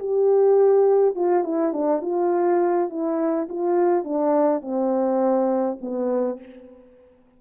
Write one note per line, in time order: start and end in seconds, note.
0.00 1.16 G4
1.16 1.45 F4
1.45 1.73 E4
1.73 2.02 D4
2.02 2.90 F4
2.90 3.48 E4
3.50 4.05 F4
4.05 4.62 D4
4.62 5.79 C4
5.82 6.40 B3